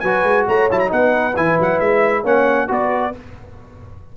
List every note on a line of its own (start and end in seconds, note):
0.00 0.24 F#3
0.00 0.71 F#4
0.00 0.46 B4
0.00 0.44 G#5
0.24 0.46 G#3
0.48 0.70 A3
0.48 0.90 C#5
0.48 0.71 A#5
0.71 0.92 F#3
0.71 0.88 E4
0.71 0.80 A5
0.80 0.91 A#5
0.88 1.37 B3
0.88 1.32 D#4
0.88 2.23 B4
0.88 1.36 F#5
1.36 1.59 E3
1.36 2.25 E4
1.36 1.59 G#5
1.60 1.80 F#3
1.60 1.80 F#5
1.80 2.24 G#3
1.80 2.24 E5
2.23 2.69 A#3
2.23 2.68 C#4
2.23 2.68 C#5
2.23 2.71 F#5
2.68 3.15 B3
2.68 3.12 F#4
2.68 3.13 B4
2.68 3.17 D5